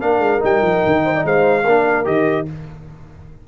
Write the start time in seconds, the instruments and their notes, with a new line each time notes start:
0.00 tuba A#3, trombone D4, horn A#4, trumpet F5
0.19 tuba G#3
0.40 tuba G3, trombone D#4, trumpet G5
0.62 tuba F3
0.86 tuba D#3
1.04 horn C5
1.15 horn D5
1.25 tuba G#3, horn C5, trumpet F5
1.64 tuba A#3, trombone D4, horn A#4
2.05 tuba D#3, trombone G4, trumpet D#5